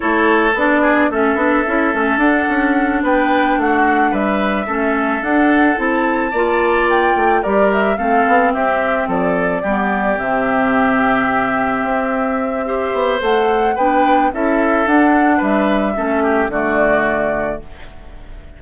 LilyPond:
<<
  \new Staff \with { instrumentName = "flute" } { \time 4/4 \tempo 4 = 109 cis''4 d''4 e''2 | fis''4. g''4 fis''4 e''8~ | e''4. fis''4 a''4.~ | a''8 g''4 d''8 e''8 f''4 e''8~ |
e''8 d''2 e''4.~ | e''1 | fis''4 g''4 e''4 fis''4 | e''2 d''2 | }
  \new Staff \with { instrumentName = "oboe" } { \time 4/4 a'4. gis'8 a'2~ | a'4. b'4 fis'4 b'8~ | b'8 a'2. d''8~ | d''4. ais'4 a'4 g'8~ |
g'8 a'4 g'2~ g'8~ | g'2. c''4~ | c''4 b'4 a'2 | b'4 a'8 g'8 fis'2 | }
  \new Staff \with { instrumentName = "clarinet" } { \time 4/4 e'4 d'4 cis'8 d'8 e'8 cis'8 | d'1~ | d'8 cis'4 d'4 e'4 f'8~ | f'4. g'4 c'4.~ |
c'4. b4 c'4.~ | c'2. g'4 | a'4 d'4 e'4 d'4~ | d'4 cis'4 a2 | }
  \new Staff \with { instrumentName = "bassoon" } { \time 4/4 a4 b4 a8 b8 cis'8 a8 | d'8 cis'4 b4 a4 g8~ | g8 a4 d'4 c'4 ais8~ | ais4 a8 g4 a8 b8 c'8~ |
c'8 f4 g4 c4.~ | c4. c'2 b8 | a4 b4 cis'4 d'4 | g4 a4 d2 | }
>>